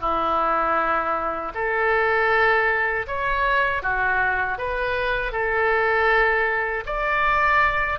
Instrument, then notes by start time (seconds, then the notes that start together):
oboe
0.00 E4
1.54 A4
3.07 C#5
3.82 F#4
4.58 B4
5.32 A4
6.86 D5